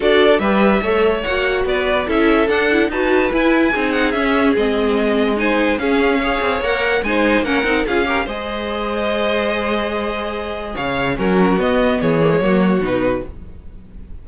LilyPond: <<
  \new Staff \with { instrumentName = "violin" } { \time 4/4 \tempo 4 = 145 d''4 e''2 fis''4 | d''4 e''4 fis''4 a''4 | gis''4. fis''8 e''4 dis''4~ | dis''4 gis''4 f''2 |
fis''4 gis''4 fis''4 f''4 | dis''1~ | dis''2 f''4 ais'4 | dis''4 cis''2 b'4 | }
  \new Staff \with { instrumentName = "violin" } { \time 4/4 a'4 b'4 cis''2 | b'4 a'2 b'4~ | b'4 gis'2.~ | gis'4 c''4 gis'4 cis''4~ |
cis''4 c''4 ais'4 gis'8 ais'8 | c''1~ | c''2 cis''4 fis'4~ | fis'4 gis'4 fis'2 | }
  \new Staff \with { instrumentName = "viola" } { \time 4/4 fis'4 g'4 a'4 fis'4~ | fis'4 e'4 d'8 e'8 fis'4 | e'4 dis'4 cis'4 c'4~ | c'4 dis'4 cis'4 gis'4 |
ais'4 dis'4 cis'8 dis'8 f'8 g'8 | gis'1~ | gis'2. cis'4 | b4. ais16 gis16 ais4 dis'4 | }
  \new Staff \with { instrumentName = "cello" } { \time 4/4 d'4 g4 a4 ais4 | b4 cis'4 d'4 dis'4 | e'4 c'4 cis'4 gis4~ | gis2 cis'4. c'8 |
ais4 gis4 ais8 c'8 cis'4 | gis1~ | gis2 cis4 fis4 | b4 e4 fis4 b,4 | }
>>